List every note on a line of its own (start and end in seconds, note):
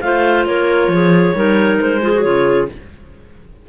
0.00 0.46 A3
0.00 1.35 F4
0.00 0.47 C5
0.00 0.44 F5
0.46 0.87 A#3
0.46 0.91 A#4
0.46 1.78 C#5
0.87 1.31 F3
0.87 1.35 G#4
1.35 1.79 G3
1.35 2.01 D#4
1.35 2.01 A#4
1.79 2.25 G#3
1.79 2.21 C5
2.01 2.12 F4
2.01 2.68 G#4
2.14 2.23 F#4
2.21 2.69 C#3
2.21 2.67 F4
2.21 2.65 C#5